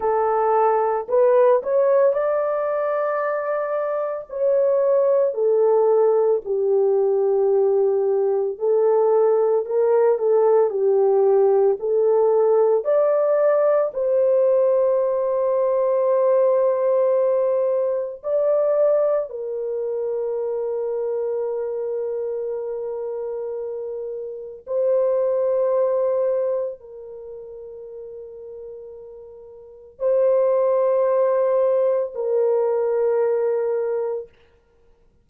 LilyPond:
\new Staff \with { instrumentName = "horn" } { \time 4/4 \tempo 4 = 56 a'4 b'8 cis''8 d''2 | cis''4 a'4 g'2 | a'4 ais'8 a'8 g'4 a'4 | d''4 c''2.~ |
c''4 d''4 ais'2~ | ais'2. c''4~ | c''4 ais'2. | c''2 ais'2 | }